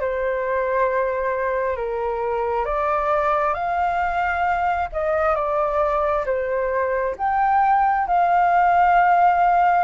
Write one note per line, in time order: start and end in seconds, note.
0.00 1.76 C5
1.76 2.65 A#4
2.65 3.54 D5
3.54 4.88 F5
4.92 5.35 D#5
5.35 6.24 D5
6.25 7.15 C5
7.17 8.07 G5
8.07 9.84 F5